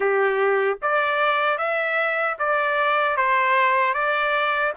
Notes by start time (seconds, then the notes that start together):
0.00 G4
0.81 D5
1.58 E5
2.38 D5
3.16 C5
3.93 D5